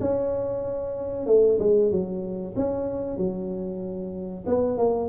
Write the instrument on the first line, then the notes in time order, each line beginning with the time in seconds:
tuba
0.00 C#4
1.26 A3
1.59 G#3
1.91 F#3
2.56 C#4
3.17 F#3
4.46 B3
4.77 A#3